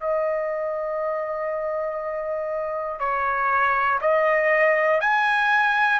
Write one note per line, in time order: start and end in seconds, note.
0.00 3.00 D#5
3.00 4.00 C#5
4.01 5.00 D#5
5.00 6.00 G#5